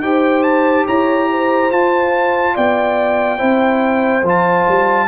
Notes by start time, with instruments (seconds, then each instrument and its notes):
0.00 tuba D#4, trombone G4, horn C5, trumpet G5
0.43 trumpet A5
0.86 tuba E4, horn C#5, trumpet A#5
1.31 horn C5
1.71 tuba F4, trombone F4, trumpet A5
2.55 tuba B3, horn D5, trumpet G5
3.38 tuba C4, trombone E4, horn C5
4.23 tuba F3, trombone F4, trumpet A5
4.68 tuba G3